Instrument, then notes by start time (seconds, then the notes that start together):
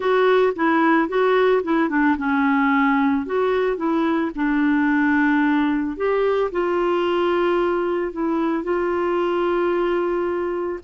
clarinet
0.00 F#4
0.55 E4
1.08 F#4
1.63 E4
1.89 D4
2.17 C#4
3.26 F#4
3.77 E4
4.35 D4
5.97 G4
6.51 F4
8.12 E4
8.63 F4